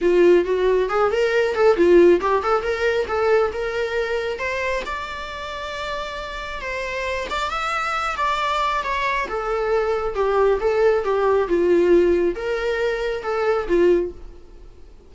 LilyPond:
\new Staff \with { instrumentName = "viola" } { \time 4/4 \tempo 4 = 136 f'4 fis'4 gis'8 ais'4 a'8 | f'4 g'8 a'8 ais'4 a'4 | ais'2 c''4 d''4~ | d''2. c''4~ |
c''8 d''8 e''4. d''4. | cis''4 a'2 g'4 | a'4 g'4 f'2 | ais'2 a'4 f'4 | }